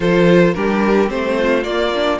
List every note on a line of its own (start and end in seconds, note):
0.00 0.54 F3
0.00 0.55 F4
0.00 0.54 A4
0.00 0.54 C5
0.54 1.11 G3
0.54 1.07 D4
0.54 1.37 G4
0.54 1.09 A#4
1.07 1.64 A3
1.07 1.62 C4
1.07 1.63 C5
1.37 2.19 F4
1.63 2.19 A#3
1.63 1.92 A#3
1.63 2.18 D5
1.94 2.19 D4